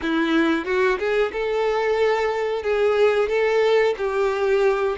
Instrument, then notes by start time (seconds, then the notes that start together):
violin
0.02 E4
0.65 F#4
0.98 G#4
1.32 A4
2.62 G#4
3.28 A4
3.97 G4